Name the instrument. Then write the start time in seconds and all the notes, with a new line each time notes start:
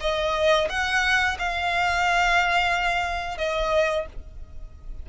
violin
0.00 D#5
0.69 F#5
1.39 F5
3.37 D#5